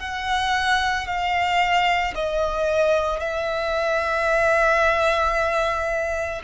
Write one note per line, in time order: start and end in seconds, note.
0.00 1.07 F#5
1.07 2.14 F5
2.15 3.20 D#5
3.20 6.42 E5